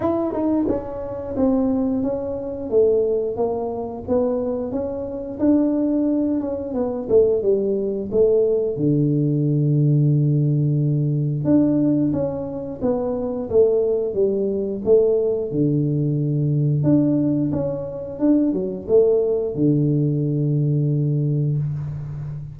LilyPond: \new Staff \with { instrumentName = "tuba" } { \time 4/4 \tempo 4 = 89 e'8 dis'8 cis'4 c'4 cis'4 | a4 ais4 b4 cis'4 | d'4. cis'8 b8 a8 g4 | a4 d2.~ |
d4 d'4 cis'4 b4 | a4 g4 a4 d4~ | d4 d'4 cis'4 d'8 fis8 | a4 d2. | }